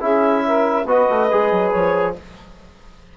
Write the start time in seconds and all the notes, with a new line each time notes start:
0.00 C#4 E4 G#4 E5
0.45 A#4
0.85 B3 F#4 B4 D#5
1.09 A3
1.31 G#3 G#4
1.51 F#3
1.70 F3 C#5